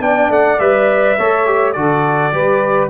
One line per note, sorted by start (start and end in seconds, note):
0.00 0.29 B3
0.00 0.58 D4
0.00 1.16 D5
0.00 0.30 G5
0.29 0.58 A3
0.29 0.59 F#5
0.59 1.17 G3
0.59 1.18 B4
0.59 1.72 E5
1.16 1.76 A3
1.16 1.45 A4
1.16 1.74 C#5
1.45 1.74 G4
1.72 2.32 D3
1.72 2.32 F#4
1.72 2.33 A4
1.72 2.87 D5
2.32 2.90 G3
2.32 2.90 G4
2.32 2.90 B4